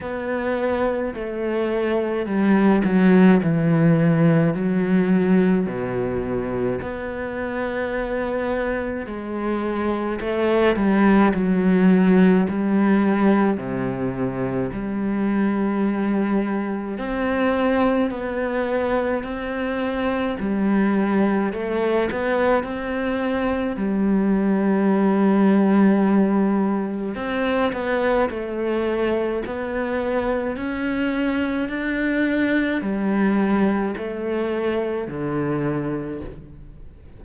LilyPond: \new Staff \with { instrumentName = "cello" } { \time 4/4 \tempo 4 = 53 b4 a4 g8 fis8 e4 | fis4 b,4 b2 | gis4 a8 g8 fis4 g4 | c4 g2 c'4 |
b4 c'4 g4 a8 b8 | c'4 g2. | c'8 b8 a4 b4 cis'4 | d'4 g4 a4 d4 | }